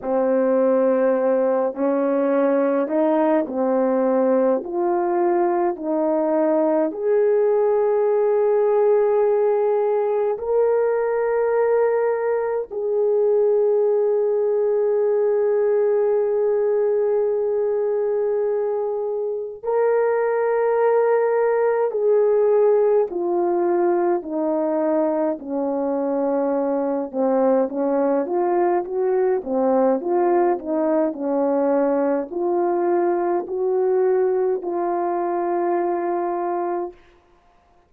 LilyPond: \new Staff \with { instrumentName = "horn" } { \time 4/4 \tempo 4 = 52 c'4. cis'4 dis'8 c'4 | f'4 dis'4 gis'2~ | gis'4 ais'2 gis'4~ | gis'1~ |
gis'4 ais'2 gis'4 | f'4 dis'4 cis'4. c'8 | cis'8 f'8 fis'8 c'8 f'8 dis'8 cis'4 | f'4 fis'4 f'2 | }